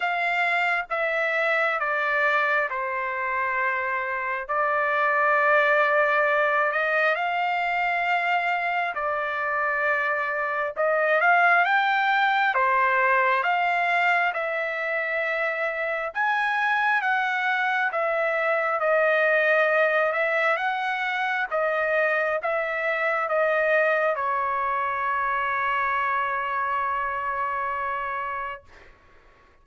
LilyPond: \new Staff \with { instrumentName = "trumpet" } { \time 4/4 \tempo 4 = 67 f''4 e''4 d''4 c''4~ | c''4 d''2~ d''8 dis''8 | f''2 d''2 | dis''8 f''8 g''4 c''4 f''4 |
e''2 gis''4 fis''4 | e''4 dis''4. e''8 fis''4 | dis''4 e''4 dis''4 cis''4~ | cis''1 | }